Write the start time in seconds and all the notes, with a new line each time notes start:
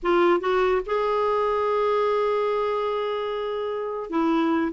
0.02 F4
0.40 F#4
0.85 G#4
4.10 E4